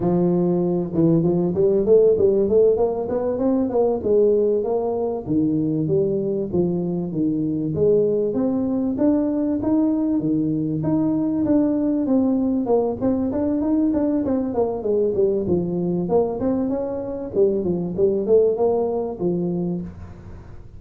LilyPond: \new Staff \with { instrumentName = "tuba" } { \time 4/4 \tempo 4 = 97 f4. e8 f8 g8 a8 g8 | a8 ais8 b8 c'8 ais8 gis4 ais8~ | ais8 dis4 g4 f4 dis8~ | dis8 gis4 c'4 d'4 dis'8~ |
dis'8 dis4 dis'4 d'4 c'8~ | c'8 ais8 c'8 d'8 dis'8 d'8 c'8 ais8 | gis8 g8 f4 ais8 c'8 cis'4 | g8 f8 g8 a8 ais4 f4 | }